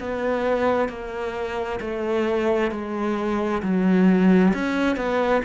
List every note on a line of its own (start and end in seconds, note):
0.00 0.89 B3
0.89 1.80 A#3
1.81 2.71 A3
2.71 3.62 G#3
3.62 4.53 F#3
4.55 4.97 C#4
4.97 5.42 B3